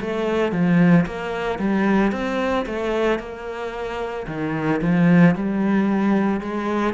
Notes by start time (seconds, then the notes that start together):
0.00 A3
0.52 F3
1.06 A#3
1.58 G3
2.11 C4
2.65 A3
3.19 A#3
4.27 D#3
4.81 F3
5.35 G3
6.40 G#3